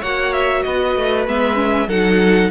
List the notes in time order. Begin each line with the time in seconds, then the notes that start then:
0.00 A#3 F#4 C#5 F#5
0.33 E5
0.62 B3 B4 D#5
0.96 A3
1.27 G#3 B3 E5
1.55 C#4
1.88 F#3 D#4 A4 F#5